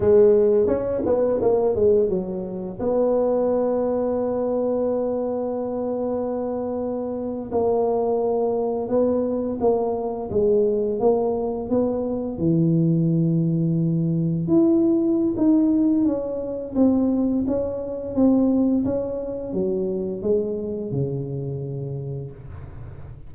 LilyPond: \new Staff \with { instrumentName = "tuba" } { \time 4/4 \tempo 4 = 86 gis4 cis'8 b8 ais8 gis8 fis4 | b1~ | b2~ b8. ais4~ ais16~ | ais8. b4 ais4 gis4 ais16~ |
ais8. b4 e2~ e16~ | e8. e'4~ e'16 dis'4 cis'4 | c'4 cis'4 c'4 cis'4 | fis4 gis4 cis2 | }